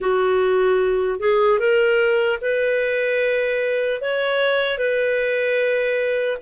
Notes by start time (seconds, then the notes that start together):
0.00 F#4
1.19 G#4
1.59 A#4
2.41 B4
4.01 C#5
4.77 B4